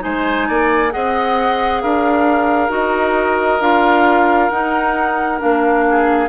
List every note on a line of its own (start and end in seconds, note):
0.00 0.49 G#3
0.00 0.90 D#4
0.00 0.48 C5
0.00 0.92 G#5
0.48 0.94 A#3
0.48 0.93 D5
0.91 1.83 C4
0.91 2.69 G#4
0.91 1.83 D#5
0.91 1.82 F#5
1.82 2.69 D4
1.82 5.86 A#4
1.82 2.71 F5
2.69 3.59 D#4
2.69 3.59 F#4
2.69 3.62 D#5
3.60 4.50 D4
3.60 4.51 F4
3.60 4.50 F5
4.50 5.40 D#4
4.50 5.40 F#5
5.40 6.29 A#3
5.40 6.29 D4
5.40 6.29 F5
5.90 6.29 G#4